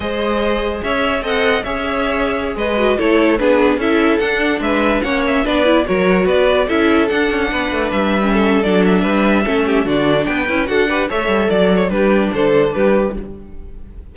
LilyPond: <<
  \new Staff \with { instrumentName = "violin" } { \time 4/4 \tempo 4 = 146 dis''2 e''4 fis''4 | e''2~ e''16 dis''4 cis''8.~ | cis''16 b'4 e''4 fis''4 e''8.~ | e''16 fis''8 e''8 d''4 cis''4 d''8.~ |
d''16 e''4 fis''2 e''8.~ | e''4 d''8 e''2~ e''8 | d''4 g''4 fis''4 e''4 | d''8 cis''8 b'4 c''4 b'4 | }
  \new Staff \with { instrumentName = "violin" } { \time 4/4 c''2 cis''4 dis''4 | cis''2~ cis''16 b'4 a'8.~ | a'16 gis'4 a'2 b'8.~ | b'16 cis''4 b'4 ais'4 b'8.~ |
b'16 a'2 b'4.~ b'16~ | b'16 a'4.~ a'16 b'4 a'8 g'8 | fis'4 b'4 a'8 b'8 cis''4 | d''4 g'4 a'4 g'4 | }
  \new Staff \with { instrumentName = "viola" } { \time 4/4 gis'2. a'4 | gis'2~ gis'8. fis'8 e'8.~ | e'16 d'4 e'4 d'4.~ d'16~ | d'16 cis'4 d'8 e'8 fis'4.~ fis'16~ |
fis'16 e'4 d'2~ d'8. | cis'4 d'2 cis'4 | d'4. e'8 fis'8 g'8 a'4~ | a'4 d'2. | }
  \new Staff \with { instrumentName = "cello" } { \time 4/4 gis2 cis'4 c'4 | cis'2~ cis'16 gis4 a8.~ | a16 b4 cis'4 d'4 gis8.~ | gis16 ais4 b4 fis4 b8.~ |
b16 cis'4 d'8 cis'8 b8 a8 g8.~ | g4 fis4 g4 a4 | d4 b8 cis'8 d'4 a8 g8 | fis4 g4 d4 g4 | }
>>